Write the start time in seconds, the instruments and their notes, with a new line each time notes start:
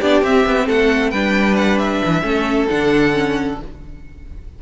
0.00 cello B3, viola D4, violin G4 D5
0.22 cello C4, viola C4, violin E5
0.46 cello B3
0.66 cello A3, violin A4 F#5
1.10 cello G3, viola D4, violin B4 G5
1.56 violin F#5
1.78 violin E5
2.05 cello E3
2.22 cello A3, viola C#4, violin A4
2.70 cello D3, viola D4, violin F#5
3.13 viola C#4